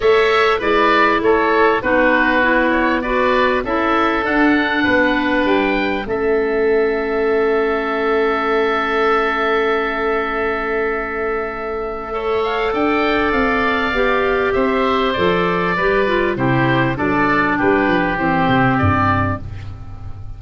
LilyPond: <<
  \new Staff \with { instrumentName = "oboe" } { \time 4/4 \tempo 4 = 99 e''4 d''4 cis''4 b'4~ | b'8 cis''8 d''4 e''4 fis''4~ | fis''4 g''4 e''2~ | e''1~ |
e''1~ | e''8 f''8 g''4 f''2 | e''4 d''2 c''4 | d''4 b'4 c''4 d''4 | }
  \new Staff \with { instrumentName = "oboe" } { \time 4/4 cis''4 b'4 a'4 fis'4~ | fis'4 b'4 a'2 | b'2 a'2~ | a'1~ |
a'1 | cis''4 d''2. | c''2 b'4 g'4 | a'4 g'2. | }
  \new Staff \with { instrumentName = "clarinet" } { \time 4/4 a'4 e'2 dis'4 | e'4 fis'4 e'4 d'4~ | d'2 cis'2~ | cis'1~ |
cis'1 | a'2. g'4~ | g'4 a'4 g'8 f'8 e'4 | d'2 c'2 | }
  \new Staff \with { instrumentName = "tuba" } { \time 4/4 a4 gis4 a4 b4~ | b2 cis'4 d'4 | b4 g4 a2~ | a1~ |
a1~ | a4 d'4 c'4 b4 | c'4 f4 g4 c4 | fis4 g8 f8 e8 c8 g,4 | }
>>